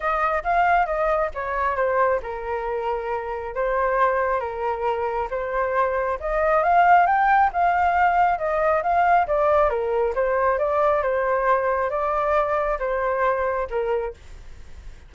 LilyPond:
\new Staff \with { instrumentName = "flute" } { \time 4/4 \tempo 4 = 136 dis''4 f''4 dis''4 cis''4 | c''4 ais'2. | c''2 ais'2 | c''2 dis''4 f''4 |
g''4 f''2 dis''4 | f''4 d''4 ais'4 c''4 | d''4 c''2 d''4~ | d''4 c''2 ais'4 | }